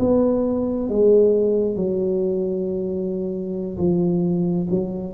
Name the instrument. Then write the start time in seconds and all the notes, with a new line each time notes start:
tuba
0.00 B3
0.90 G#3
1.76 F#3
3.78 F3
4.71 F#3